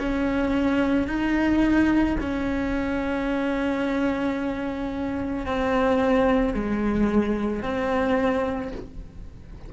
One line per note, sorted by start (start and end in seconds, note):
0.00 1.08 C#4
1.08 2.17 D#4
2.21 5.46 C#4
5.46 6.55 C4
6.55 7.63 G#3
7.63 8.72 C4